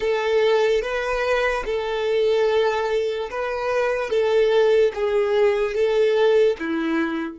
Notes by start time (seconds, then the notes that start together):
0.00 A4
0.81 B4
1.65 A4
3.30 B4
4.10 A4
4.94 G#4
5.74 A4
6.59 E4